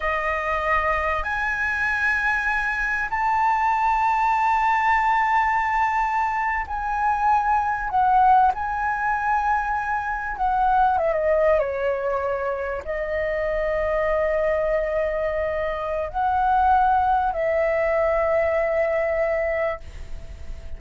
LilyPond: \new Staff \with { instrumentName = "flute" } { \time 4/4 \tempo 4 = 97 dis''2 gis''2~ | gis''4 a''2.~ | a''2~ a''8. gis''4~ gis''16~ | gis''8. fis''4 gis''2~ gis''16~ |
gis''8. fis''4 e''16 dis''8. cis''4~ cis''16~ | cis''8. dis''2.~ dis''16~ | dis''2 fis''2 | e''1 | }